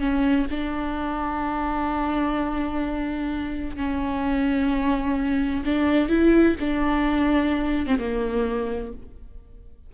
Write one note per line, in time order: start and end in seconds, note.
0.00 0.47 C#4
0.51 3.77 D4
3.77 5.64 C#4
5.65 6.09 D4
6.09 6.56 E4
6.61 7.87 D4
7.87 7.98 C4
7.99 8.93 A#3